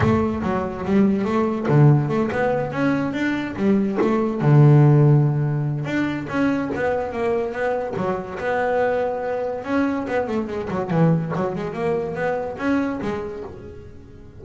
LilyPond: \new Staff \with { instrumentName = "double bass" } { \time 4/4 \tempo 4 = 143 a4 fis4 g4 a4 | d4 a8 b4 cis'4 d'8~ | d'8 g4 a4 d4.~ | d2 d'4 cis'4 |
b4 ais4 b4 fis4 | b2. cis'4 | b8 a8 gis8 fis8 e4 fis8 gis8 | ais4 b4 cis'4 gis4 | }